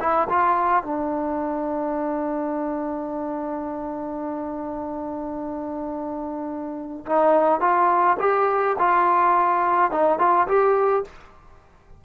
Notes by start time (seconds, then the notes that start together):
0.00 E4
0.29 F4
0.83 D4
7.06 D#4
7.60 F4
8.20 G4
8.79 F4
9.91 D#4
10.19 F4
10.48 G4